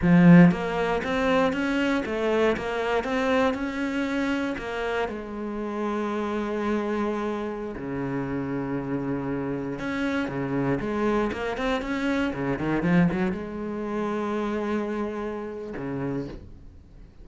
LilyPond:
\new Staff \with { instrumentName = "cello" } { \time 4/4 \tempo 4 = 118 f4 ais4 c'4 cis'4 | a4 ais4 c'4 cis'4~ | cis'4 ais4 gis2~ | gis2.~ gis16 cis8.~ |
cis2.~ cis16 cis'8.~ | cis'16 cis4 gis4 ais8 c'8 cis'8.~ | cis'16 cis8 dis8 f8 fis8 gis4.~ gis16~ | gis2. cis4 | }